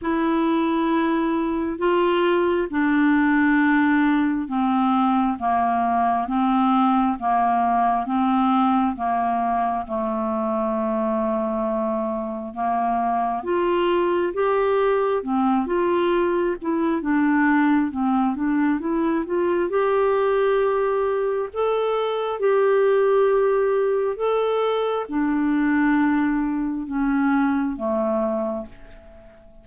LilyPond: \new Staff \with { instrumentName = "clarinet" } { \time 4/4 \tempo 4 = 67 e'2 f'4 d'4~ | d'4 c'4 ais4 c'4 | ais4 c'4 ais4 a4~ | a2 ais4 f'4 |
g'4 c'8 f'4 e'8 d'4 | c'8 d'8 e'8 f'8 g'2 | a'4 g'2 a'4 | d'2 cis'4 a4 | }